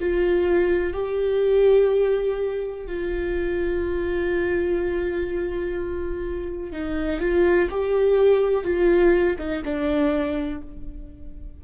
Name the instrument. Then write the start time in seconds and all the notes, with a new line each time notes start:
viola
0.00 F4
0.94 G4
2.87 F4
6.73 D#4
7.20 F4
7.71 G4
8.64 F4
9.39 D#4
9.65 D4